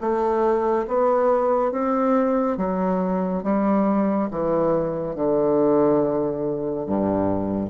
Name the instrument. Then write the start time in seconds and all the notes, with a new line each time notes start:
bassoon
0.00 A3
0.87 B3
1.71 C4
2.57 F#3
3.43 G3
4.31 E3
5.15 D3
6.86 G2